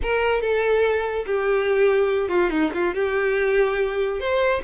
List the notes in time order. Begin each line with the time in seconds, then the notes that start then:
0.02 A#4
0.41 A4
1.26 G4
2.28 F4
2.50 D#4
2.73 F4
2.94 G4
4.19 C5